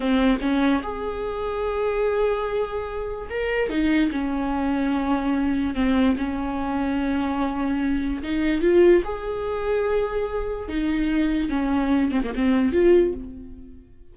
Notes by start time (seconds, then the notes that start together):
0.00 C4
0.41 C#4
0.82 G#4
3.29 A#4
3.69 D#4
4.11 C#4
5.75 C4
6.17 C#4
8.22 D#4
8.61 F4
9.04 G#4
10.68 D#4
11.49 C#4
12.11 C4
12.23 A#3
12.35 C4
12.72 F4